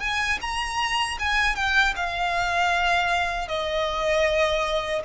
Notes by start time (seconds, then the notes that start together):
0.00 G#5
0.41 A#5
1.19 G#5
1.55 G5
1.96 F5
3.48 D#5